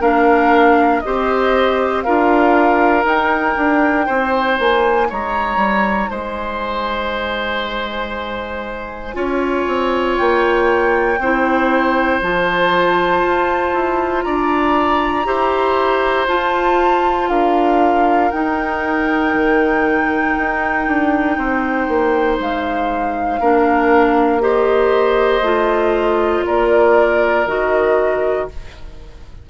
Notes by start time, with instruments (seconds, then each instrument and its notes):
0.00 bassoon A#3, clarinet D4, oboe A#4, flute F5
1.00 bassoon C4, clarinet G4, oboe C5, flute D#5
2.02 bassoon D4, clarinet F4, oboe A#4, flute F5
3.04 bassoon D#4, clarinet D#4, flute G5
3.57 bassoon D4
4.06 bassoon C4, oboe C5
4.59 bassoon A#3, flute G#5
5.09 bassoon G#3, oboe C#5, flute A#5
5.56 bassoon G3
6.10 bassoon G#3, oboe C5, flute G#5
9.14 bassoon C#4, clarinet F4, oboe C#5
9.67 bassoon C4
10.17 bassoon A#3, flute G5
11.19 bassoon C4, clarinet E4, oboe C5
12.22 bassoon F3, clarinet F4, flute A5
13.23 bassoon F4
13.73 bassoon E4
14.22 bassoon D4, oboe D5, flute A#5
15.25 bassoon E4, clarinet G4, oboe C5
16.27 bassoon F4, clarinet F4, flute A5
17.29 bassoon D4, oboe A#4, flute F5
18.31 clarinet D#4, bassoon D#4, flute G5
19.34 bassoon D#3
20.37 bassoon D#4
20.87 bassoon D4
21.37 bassoon C4, oboe C5
21.88 bassoon A#3
22.39 bassoon G#3, flute F5
23.40 bassoon A#3, clarinet D4, oboe A#4
24.40 clarinet G4, oboe C5, flute D#5
25.41 bassoon A3, clarinet F4
26.46 bassoon A#3, oboe A#4, flute D5
27.46 bassoon D#3, clarinet F#4, flute D#5